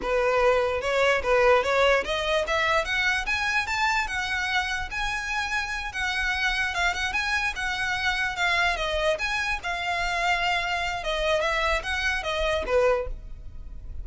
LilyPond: \new Staff \with { instrumentName = "violin" } { \time 4/4 \tempo 4 = 147 b'2 cis''4 b'4 | cis''4 dis''4 e''4 fis''4 | gis''4 a''4 fis''2 | gis''2~ gis''8 fis''4.~ |
fis''8 f''8 fis''8 gis''4 fis''4.~ | fis''8 f''4 dis''4 gis''4 f''8~ | f''2. dis''4 | e''4 fis''4 dis''4 b'4 | }